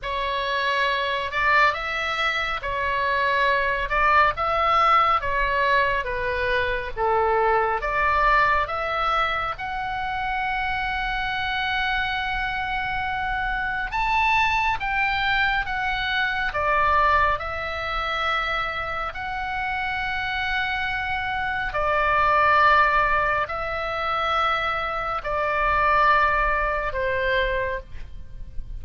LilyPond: \new Staff \with { instrumentName = "oboe" } { \time 4/4 \tempo 4 = 69 cis''4. d''8 e''4 cis''4~ | cis''8 d''8 e''4 cis''4 b'4 | a'4 d''4 e''4 fis''4~ | fis''1 |
a''4 g''4 fis''4 d''4 | e''2 fis''2~ | fis''4 d''2 e''4~ | e''4 d''2 c''4 | }